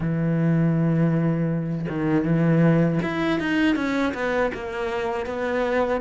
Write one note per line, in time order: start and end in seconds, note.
0.00 1.86 E3
1.89 2.24 D#3
2.24 2.99 E3
3.02 3.40 E4
3.40 3.75 D#4
3.75 4.13 C#4
4.14 4.51 B3
4.53 5.25 A#3
5.25 6.00 B3